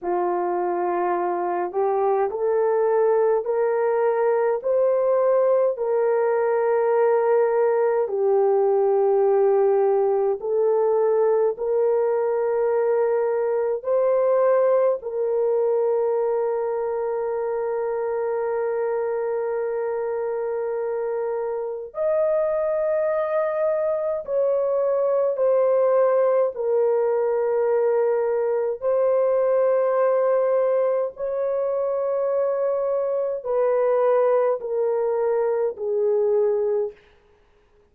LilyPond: \new Staff \with { instrumentName = "horn" } { \time 4/4 \tempo 4 = 52 f'4. g'8 a'4 ais'4 | c''4 ais'2 g'4~ | g'4 a'4 ais'2 | c''4 ais'2.~ |
ais'2. dis''4~ | dis''4 cis''4 c''4 ais'4~ | ais'4 c''2 cis''4~ | cis''4 b'4 ais'4 gis'4 | }